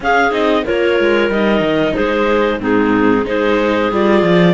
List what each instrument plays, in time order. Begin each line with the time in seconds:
0.00 cello C#4, viola C#4, clarinet G#4 F5
0.30 cello C4, viola D#4, clarinet D#5
0.64 cello A#3, viola F4, clarinet A#4 C#5
0.99 cello G#3
1.29 cello G3, viola D#4, clarinet D#5
1.60 cello D#3
1.94 cello G#3, clarinet G#4 C5
2.60 cello G#2, viola C4, clarinet D#4 G#4
3.25 cello G#3, viola D#4, clarinet G#4 C5
3.91 cello G3, viola F4, clarinet D5
4.22 cello F3